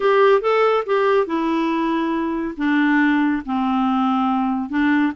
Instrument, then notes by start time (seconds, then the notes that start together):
clarinet
0.00 G4
0.41 A4
0.86 G4
1.26 E4
2.57 D4
3.45 C4
4.69 D4